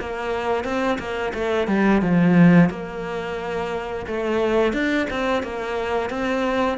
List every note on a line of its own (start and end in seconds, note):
0.00 0.64 A#3
0.64 0.99 C4
0.99 1.33 A#3
1.34 1.68 A3
1.68 2.02 G3
2.02 2.70 F3
2.70 4.06 A#3
4.07 4.73 A3
4.73 5.07 D4
5.10 5.43 C4
5.43 6.10 A#3
6.10 6.78 C4